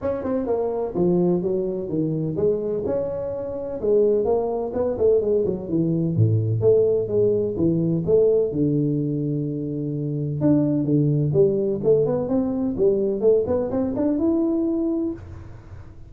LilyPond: \new Staff \with { instrumentName = "tuba" } { \time 4/4 \tempo 4 = 127 cis'8 c'8 ais4 f4 fis4 | dis4 gis4 cis'2 | gis4 ais4 b8 a8 gis8 fis8 | e4 a,4 a4 gis4 |
e4 a4 d2~ | d2 d'4 d4 | g4 a8 b8 c'4 g4 | a8 b8 c'8 d'8 e'2 | }